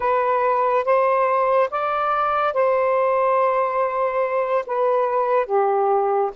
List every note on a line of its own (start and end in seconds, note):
0.00 0.85 B4
0.85 1.69 C5
1.70 2.53 D5
2.53 4.64 C5
4.66 5.46 B4
5.46 6.30 G4